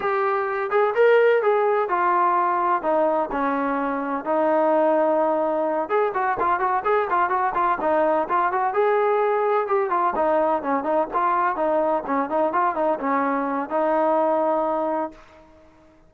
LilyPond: \new Staff \with { instrumentName = "trombone" } { \time 4/4 \tempo 4 = 127 g'4. gis'8 ais'4 gis'4 | f'2 dis'4 cis'4~ | cis'4 dis'2.~ | dis'8 gis'8 fis'8 f'8 fis'8 gis'8 f'8 fis'8 |
f'8 dis'4 f'8 fis'8 gis'4.~ | gis'8 g'8 f'8 dis'4 cis'8 dis'8 f'8~ | f'8 dis'4 cis'8 dis'8 f'8 dis'8 cis'8~ | cis'4 dis'2. | }